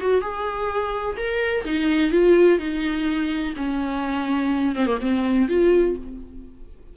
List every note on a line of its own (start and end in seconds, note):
0.00 0.21 F#4
0.21 1.16 G#4
1.16 1.64 A#4
1.64 2.11 D#4
2.11 2.58 F4
2.58 3.54 D#4
3.56 4.75 C#4
4.75 4.86 C4
4.86 4.98 A#3
5.01 5.48 C4
5.48 5.96 F4